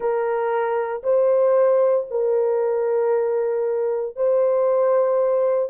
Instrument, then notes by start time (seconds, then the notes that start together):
horn
0.00 A#4
1.03 C5
2.10 A#4
4.16 C5